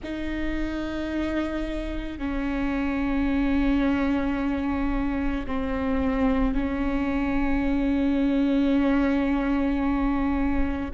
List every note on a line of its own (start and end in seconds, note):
0.03 2.18 D#4
2.18 5.45 C#4
5.46 6.54 C4
6.54 10.90 C#4